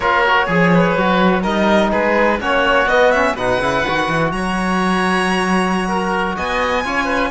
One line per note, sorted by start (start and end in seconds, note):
0.00 0.46 A#3
0.00 0.25 F4
0.00 0.46 A#4
0.00 1.42 C#5
0.25 0.49 F#4
0.46 0.96 F3
0.46 0.70 G#4
0.46 0.97 G#4
0.74 1.42 B4
0.96 1.44 F#3
0.96 1.43 F#4
1.42 1.92 G3
1.42 2.39 D#4
1.42 1.90 A#4
1.42 1.90 D#5
1.90 2.40 G#3
1.90 2.38 G#4
1.90 2.39 B4
2.39 2.85 A#3
2.39 2.87 C#4
2.39 3.35 F#4
2.39 2.88 C#5
2.85 3.33 B3
2.85 3.13 B3
2.85 3.11 D#5
3.11 3.37 C#4
3.11 3.35 E5
3.34 3.58 B2
3.34 3.62 D#4
3.34 4.30 B4
3.34 4.31 F#5
3.60 3.83 C#3
3.60 3.86 E4
3.88 4.08 D#3
3.88 6.84 F#4
4.08 4.31 E3
4.31 6.35 F#3
4.31 5.88 C#5
4.31 6.35 A#5
5.88 6.36 A#4
6.36 6.84 B3
6.36 6.83 D#5
6.36 7.31 G#5
6.84 7.31 C#4
6.84 7.31 F4
6.84 7.04 C#5
7.04 7.28 B4